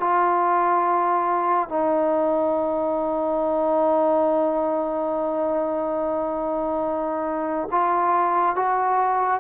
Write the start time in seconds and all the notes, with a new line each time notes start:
0.00 F4
1.69 D#4
7.71 F4
8.56 F#4